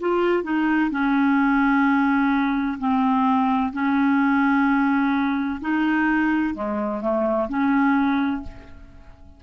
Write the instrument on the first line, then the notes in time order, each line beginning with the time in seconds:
clarinet
0.00 F4
0.43 D#4
0.91 C#4
2.79 C4
3.73 C#4
5.61 D#4
6.55 G#3
7.01 A3
7.49 C#4